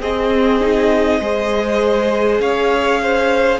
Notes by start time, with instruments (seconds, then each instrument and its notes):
0.00 cello C4, viola C4, violin G#4 D#5
0.60 viola D#4
1.20 cello G#3, viola G#4, violin C5
2.40 cello C#4, violin C#5 F5
3.02 violin C5